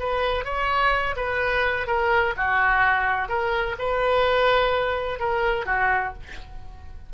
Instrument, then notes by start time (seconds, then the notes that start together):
oboe
0.00 B4
0.45 C#5
1.17 B4
1.87 A#4
2.37 F#4
3.29 A#4
3.79 B4
5.20 A#4
5.66 F#4